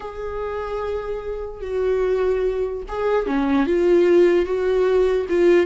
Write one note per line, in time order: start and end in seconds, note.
0.00 1.61 G#4
1.61 2.82 F#4
2.88 3.26 G#4
3.26 3.66 C#4
3.66 4.45 F4
4.45 5.26 F#4
5.29 5.66 F4